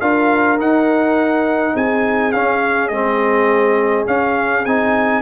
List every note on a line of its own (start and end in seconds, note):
0.00 0.57 D4
0.00 0.59 F4
0.00 1.74 A#4
0.00 0.58 F5
0.57 1.73 D#4
0.57 2.33 D#4
0.57 1.76 F#5
1.74 2.34 C4
1.74 5.21 G#4
1.74 2.32 G#5
2.32 2.90 C#4
2.32 2.92 C#4
2.32 2.88 F5
2.88 4.07 G#3
2.88 4.07 C4
2.88 4.05 D#5
4.07 4.65 C#4
4.07 4.65 F5
4.65 5.21 C4
4.65 5.21 D#4
4.65 5.21 G#5